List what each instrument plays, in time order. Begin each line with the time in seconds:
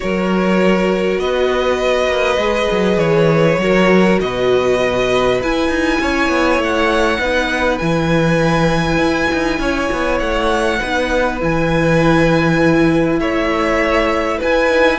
0.00 cello F#3, viola F#4, violin A#4 C#5
1.18 cello B3, violin B4 D#5
2.06 cello A#3
2.37 cello G#3, viola G#4
2.71 cello F#3
2.97 cello E3, violin C#5
3.58 cello F#3, viola F#4, violin A#4
4.20 cello B2, violin B4 D#5
5.42 cello E4, viola E4, violin G#5
5.68 cello D#4
6.00 cello C#4, violin C#5
6.28 cello B3
6.58 cello A3, violin F#5
7.19 cello B3, viola D#4, violin B4
7.78 cello E3, viola E4, violin G#5
8.97 cello E4
9.33 cello D#4
9.58 cello C#4, violin C#5
9.92 cello B3
10.19 cello A3, violin F#5
10.79 cello B3, viola D#4, violin B4
11.39 cello E3, viola E4, violin G#5
13.19 cello A3, violin C#5 E5
14.38 cello E4, violin B4 G#5
14.69 viola D#4